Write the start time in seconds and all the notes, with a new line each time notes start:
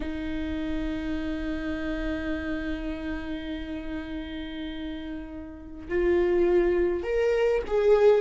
0.00 D#4
5.88 F4
7.03 A#4
7.67 G#4